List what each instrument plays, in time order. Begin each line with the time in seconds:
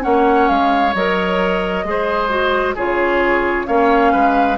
0.00 bassoon A#3, clarinet C#4, oboe C#5, flute F#5
0.48 bassoon G#3, flute F5
0.94 bassoon F#3, clarinet A#4, flute D#5
1.83 bassoon G#3, clarinet G#4
1.89 oboe C5
2.29 clarinet F#4
2.75 bassoon C#3, clarinet F4, oboe G#4, flute C#5
3.66 bassoon A#3, clarinet C#4, oboe C#5, flute F5
4.12 bassoon G#3, oboe B4